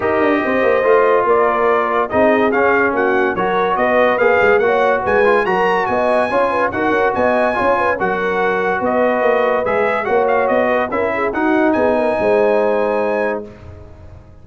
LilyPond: <<
  \new Staff \with { instrumentName = "trumpet" } { \time 4/4 \tempo 4 = 143 dis''2. d''4~ | d''4 dis''4 f''4 fis''4 | cis''4 dis''4 f''4 fis''4 | gis''4 ais''4 gis''2 |
fis''4 gis''2 fis''4~ | fis''4 dis''2 e''4 | fis''8 f''8 dis''4 e''4 fis''4 | gis''1 | }
  \new Staff \with { instrumentName = "horn" } { \time 4/4 ais'4 c''2 ais'4~ | ais'4 gis'2 fis'4 | ais'4 b'2 cis''4 | b'4 ais'4 dis''4 cis''8 b'8 |
ais'4 dis''4 cis''8 b'8 ais'4~ | ais'4 b'2. | cis''4. b'8 ais'8 gis'8 fis'4 | gis'8 ais'8 c''2. | }
  \new Staff \with { instrumentName = "trombone" } { \time 4/4 g'2 f'2~ | f'4 dis'4 cis'2 | fis'2 gis'4 fis'4~ | fis'8 f'8 fis'2 f'4 |
fis'2 f'4 fis'4~ | fis'2. gis'4 | fis'2 e'4 dis'4~ | dis'1 | }
  \new Staff \with { instrumentName = "tuba" } { \time 4/4 dis'8 d'8 c'8 ais8 a4 ais4~ | ais4 c'4 cis'4 ais4 | fis4 b4 ais8 gis8 ais4 | gis4 fis4 b4 cis'4 |
dis'8 cis'8 b4 cis'4 fis4~ | fis4 b4 ais4 gis4 | ais4 b4 cis'4 dis'4 | b4 gis2. | }
>>